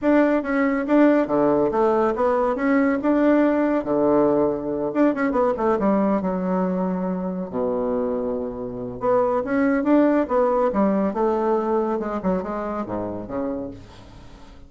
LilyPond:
\new Staff \with { instrumentName = "bassoon" } { \time 4/4 \tempo 4 = 140 d'4 cis'4 d'4 d4 | a4 b4 cis'4 d'4~ | d'4 d2~ d8 d'8 | cis'8 b8 a8 g4 fis4.~ |
fis4. b,2~ b,8~ | b,4 b4 cis'4 d'4 | b4 g4 a2 | gis8 fis8 gis4 gis,4 cis4 | }